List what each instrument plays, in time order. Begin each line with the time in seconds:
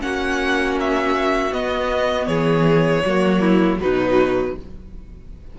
0.00 cello A#3, viola C#4, violin F#4 F#5
0.81 violin E5
1.52 cello B3, viola B3, violin D#5
2.27 cello E3, violin G#4 C#5
3.05 cello F#3, viola A#3, violin F#4
3.41 violin E4
3.80 cello B2, viola F#3, violin D#4 B4